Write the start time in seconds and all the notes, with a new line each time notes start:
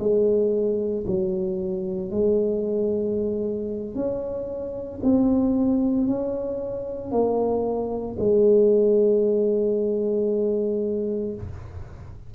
0.00 G#3
1.07 F#3
2.11 G#3
3.95 C#4
5.03 C4
6.07 C#4
7.11 A#3
8.19 G#3